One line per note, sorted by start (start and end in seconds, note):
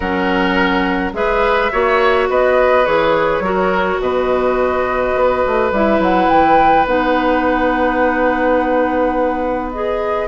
0.00 1.12 F#3
0.00 1.13 C#4
0.00 1.12 A#4
0.00 1.11 F#5
1.12 1.70 G#3
1.12 1.70 G#4
1.12 1.71 B4
1.12 2.28 E5
1.71 2.29 A#3
1.71 2.85 F#4
1.71 2.29 C#5
2.29 2.86 B3
2.29 3.43 B4
2.29 2.85 D#5
2.85 3.40 E3
2.85 3.42 G#4
2.85 3.99 C#5
3.40 3.97 F#3
3.40 5.71 F#4
3.40 4.01 A#4
4.00 5.14 B2
4.00 10.27 B4
4.00 5.72 D#5
5.14 5.43 B3
5.46 5.71 A3
5.71 5.99 G3
5.71 6.86 E4
5.71 6.01 E5
5.99 6.27 F#3
5.99 6.29 F#5
6.29 6.85 E3
6.29 6.86 G5
6.85 10.27 B3
6.85 9.72 D#4
6.85 9.71 F#5
9.71 10.27 G#4
9.71 10.27 D#5